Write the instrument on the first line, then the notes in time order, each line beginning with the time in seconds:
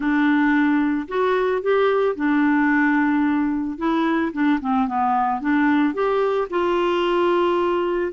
clarinet
0.00 D4
1.08 F#4
1.61 G4
2.15 D4
3.78 E4
4.32 D4
4.60 C4
4.87 B3
5.41 D4
5.94 G4
6.50 F4